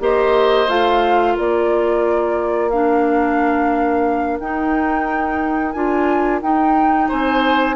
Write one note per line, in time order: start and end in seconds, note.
0.00 0.68 A#3
0.00 0.67 G4
0.00 1.34 C5
0.00 0.69 D#5
0.68 1.36 A3
0.68 2.71 F4
0.68 1.37 F5
1.34 4.40 A#3
1.34 7.07 A#4
1.34 2.70 D5
2.70 4.41 D4
2.70 4.38 F5
4.40 5.74 D#4
4.40 5.75 D#4
4.40 5.72 G5
5.72 6.42 D4
5.72 6.42 F4
5.72 6.39 G#5
6.42 7.09 D#4
6.42 7.76 D#4
6.42 7.09 G5
7.08 7.76 C4
7.08 7.76 C5
7.08 7.76 G#5